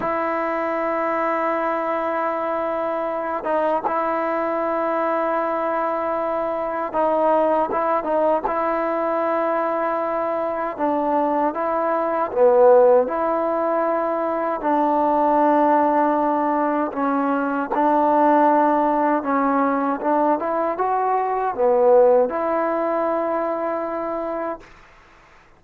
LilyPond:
\new Staff \with { instrumentName = "trombone" } { \time 4/4 \tempo 4 = 78 e'1~ | e'8 dis'8 e'2.~ | e'4 dis'4 e'8 dis'8 e'4~ | e'2 d'4 e'4 |
b4 e'2 d'4~ | d'2 cis'4 d'4~ | d'4 cis'4 d'8 e'8 fis'4 | b4 e'2. | }